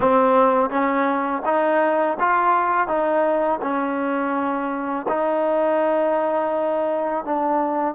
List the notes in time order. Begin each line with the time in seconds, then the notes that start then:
0.00 C4
0.70 C#4
1.45 D#4
2.19 F4
2.87 D#4
3.61 C#4
5.08 D#4
7.25 D4